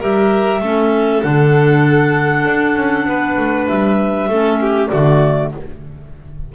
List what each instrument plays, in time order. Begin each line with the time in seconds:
0.00 double bass G3, clarinet G4 E5, violin A#4
0.61 double bass A3, clarinet C#4, violin A4
1.22 double bass D3, clarinet D4 F#5
2.46 double bass D4
2.76 double bass C#4
3.06 double bass B3, violin B4
3.37 double bass A3
3.67 double bass G3, clarinet E5
4.28 double bass A3, clarinet C#4, violin A4
4.61 violin G4
4.88 double bass D3, clarinet A3 D5, violin F#4